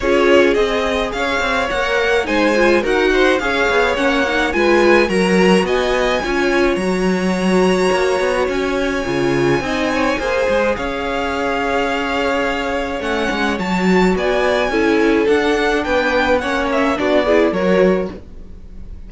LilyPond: <<
  \new Staff \with { instrumentName = "violin" } { \time 4/4 \tempo 4 = 106 cis''4 dis''4 f''4 fis''4 | gis''4 fis''4 f''4 fis''4 | gis''4 ais''4 gis''2 | ais''2. gis''4~ |
gis''2. f''4~ | f''2. fis''4 | a''4 gis''2 fis''4 | g''4 fis''8 e''8 d''4 cis''4 | }
  \new Staff \with { instrumentName = "violin" } { \time 4/4 gis'2 cis''2 | c''4 ais'8 c''8 cis''2 | b'4 ais'4 dis''4 cis''4~ | cis''1~ |
cis''4 dis''8 cis''8 c''4 cis''4~ | cis''1~ | cis''4 d''4 a'2 | b'4 cis''4 fis'8 gis'8 ais'4 | }
  \new Staff \with { instrumentName = "viola" } { \time 4/4 f'4 gis'2 ais'4 | dis'8 f'8 fis'4 gis'4 cis'8 dis'8 | f'4 fis'2 f'4 | fis'1 |
f'4 dis'4 gis'2~ | gis'2. cis'4 | fis'2 e'4 d'4~ | d'4 cis'4 d'8 e'8 fis'4 | }
  \new Staff \with { instrumentName = "cello" } { \time 4/4 cis'4 c'4 cis'8 c'8 ais4 | gis4 dis'4 cis'8 b8 ais4 | gis4 fis4 b4 cis'4 | fis2 ais8 b8 cis'4 |
cis4 c'4 ais8 gis8 cis'4~ | cis'2. a8 gis8 | fis4 b4 cis'4 d'4 | b4 ais4 b4 fis4 | }
>>